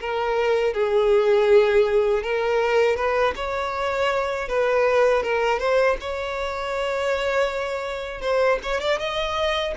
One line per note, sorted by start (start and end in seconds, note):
0.00 0.73 A#4
0.73 2.22 G#4
2.22 2.96 A#4
2.96 3.33 B4
3.35 4.48 C#5
4.48 5.22 B4
5.22 5.59 A#4
5.59 5.96 C5
6.00 8.21 C#5
8.21 8.58 C5
8.62 8.80 C#5
8.80 8.98 D5
8.98 9.73 D#5